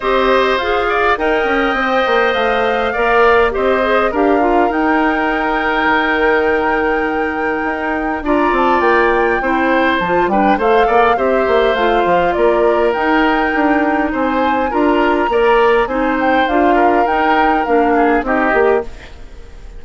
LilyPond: <<
  \new Staff \with { instrumentName = "flute" } { \time 4/4 \tempo 4 = 102 dis''4 f''4 g''2 | f''2 dis''4 f''4 | g''1~ | g''2 ais''8 a''8 g''4~ |
g''4 a''8 g''8 f''4 e''4 | f''4 d''4 g''2 | gis''4 ais''2 gis''8 g''8 | f''4 g''4 f''4 dis''4 | }
  \new Staff \with { instrumentName = "oboe" } { \time 4/4 c''4. d''8 dis''2~ | dis''4 d''4 c''4 ais'4~ | ais'1~ | ais'2 d''2 |
c''4. b'8 c''8 d''8 c''4~ | c''4 ais'2. | c''4 ais'4 d''4 c''4~ | c''8 ais'2 gis'8 g'4 | }
  \new Staff \with { instrumentName = "clarinet" } { \time 4/4 g'4 gis'4 ais'4 c''4~ | c''4 ais'4 g'8 gis'8 g'8 f'8 | dis'1~ | dis'2 f'2 |
e'4 f'8 d'8 a'4 g'4 | f'2 dis'2~ | dis'4 f'4 ais'4 dis'4 | f'4 dis'4 d'4 dis'8 g'8 | }
  \new Staff \with { instrumentName = "bassoon" } { \time 4/4 c'4 f'4 dis'8 cis'8 c'8 ais8 | a4 ais4 c'4 d'4 | dis'2 dis2~ | dis4 dis'4 d'8 c'8 ais4 |
c'4 f8 g8 a8 ais8 c'8 ais8 | a8 f8 ais4 dis'4 d'4 | c'4 d'4 ais4 c'4 | d'4 dis'4 ais4 c'8 ais8 | }
>>